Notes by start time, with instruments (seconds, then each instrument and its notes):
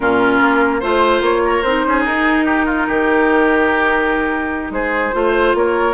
0.00 bassoon A#2, clarinet C#4, oboe F4, flute A#4
0.41 bassoon A#3
0.80 bassoon A3, clarinet F4, oboe C5, flute C5
1.21 bassoon A#3, flute C#5
1.44 oboe A#4
1.62 bassoon C4, clarinet D#4, flute C5
1.85 bassoon C#4, oboe G#4
2.04 bassoon D#4, flute A#4
2.45 oboe G4
2.66 oboe F4
2.87 bassoon D#3, oboe G4
4.70 bassoon G#3, oboe G#4, flute C5
5.12 bassoon A3, clarinet F4, oboe C5
5.54 bassoon A#3, oboe A#4, flute C#5